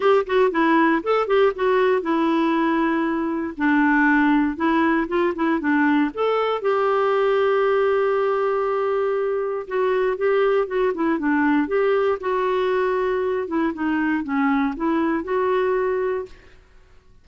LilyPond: \new Staff \with { instrumentName = "clarinet" } { \time 4/4 \tempo 4 = 118 g'8 fis'8 e'4 a'8 g'8 fis'4 | e'2. d'4~ | d'4 e'4 f'8 e'8 d'4 | a'4 g'2.~ |
g'2. fis'4 | g'4 fis'8 e'8 d'4 g'4 | fis'2~ fis'8 e'8 dis'4 | cis'4 e'4 fis'2 | }